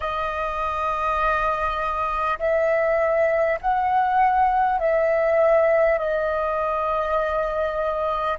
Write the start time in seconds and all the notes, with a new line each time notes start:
0.00 D#5
2.39 E5
3.61 F#5
4.79 E5
5.98 D#5